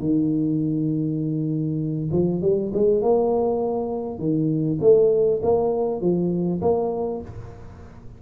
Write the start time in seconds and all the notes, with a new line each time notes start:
0.00 D#3
2.12 F3
2.42 G3
2.74 G#3
3.02 A#3
4.19 D#3
4.81 A3
5.43 A#3
6.01 F3
6.62 A#3